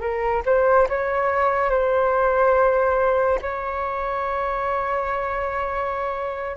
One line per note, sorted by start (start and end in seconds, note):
0.00 0.42 A#4
0.45 0.88 C5
0.89 1.70 C#5
1.70 3.39 C5
3.41 6.56 C#5